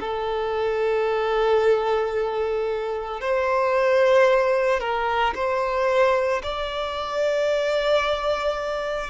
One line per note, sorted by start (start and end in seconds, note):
0.00 3.21 A4
3.21 4.80 C5
4.80 5.34 A#4
5.35 6.42 C5
6.43 9.10 D5